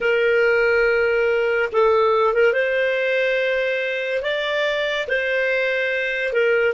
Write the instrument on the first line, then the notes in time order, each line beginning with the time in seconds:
clarinet
0.00 A#4
1.72 A4
2.33 A#4
2.53 C5
4.22 D5
5.07 C5
6.33 A#4